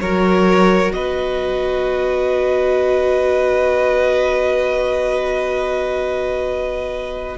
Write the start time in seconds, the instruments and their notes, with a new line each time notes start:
0.00 cello F#3, viola F#4, violin A#4 C#5
0.91 cello B3, violin B4 D#5